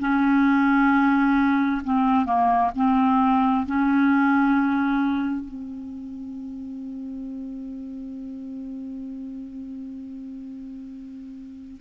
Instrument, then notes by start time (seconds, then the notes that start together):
clarinet
0.00 C#4
1.84 C4
2.26 A#3
2.76 C4
3.67 C#4
5.45 C4